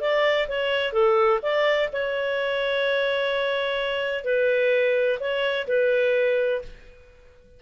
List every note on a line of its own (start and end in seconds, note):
0.00 0.47 D5
0.48 0.92 C#5
0.92 1.40 A4
1.42 1.89 D5
1.92 4.24 C#5
4.24 5.19 B4
5.20 5.67 C#5
5.67 6.61 B4